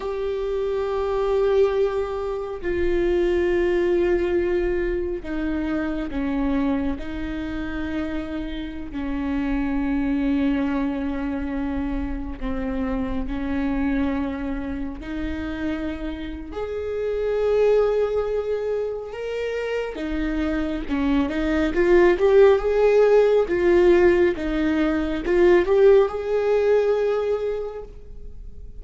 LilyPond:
\new Staff \with { instrumentName = "viola" } { \time 4/4 \tempo 4 = 69 g'2. f'4~ | f'2 dis'4 cis'4 | dis'2~ dis'16 cis'4.~ cis'16~ | cis'2~ cis'16 c'4 cis'8.~ |
cis'4~ cis'16 dis'4.~ dis'16 gis'4~ | gis'2 ais'4 dis'4 | cis'8 dis'8 f'8 g'8 gis'4 f'4 | dis'4 f'8 g'8 gis'2 | }